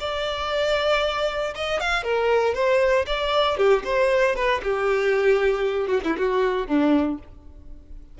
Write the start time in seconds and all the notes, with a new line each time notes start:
0.00 D5
1.55 D#5
1.80 F5
2.03 A#4
2.54 C5
3.06 D5
3.57 G4
3.84 C5
4.35 B4
4.63 G4
5.87 F#4
6.04 E4
6.17 F#4
6.67 D4